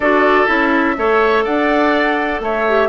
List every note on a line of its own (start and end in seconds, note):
0.00 0.44 D4
0.00 0.47 F#4
0.00 0.95 A4
0.00 0.46 D5
0.46 0.97 C#4
0.46 0.95 E4
0.46 1.42 E5
0.97 1.45 A3
0.97 2.66 A4
0.97 1.44 C#5
1.44 2.40 D4
1.44 2.41 D5
1.44 2.41 F#5
2.40 2.88 A3
2.40 2.88 C#5
2.40 2.88 E5
2.68 2.88 G4